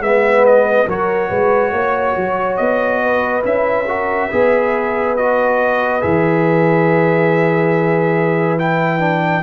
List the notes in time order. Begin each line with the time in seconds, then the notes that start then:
0.00 G#3 B3 B4 E5
0.46 D#5
0.87 F#3 F#4 A#4 C#5
1.29 G#3 B4
1.72 A#3 C#5
2.17 F#3
2.57 B3 D#5
3.04 B4
3.43 C#4 E4 E5
3.88 F#4 A#4
4.29 B3 G#4 B4
5.17 F#4 D#5
6.02 E3 G#4 E5
8.59 E4 G5
9.00 D4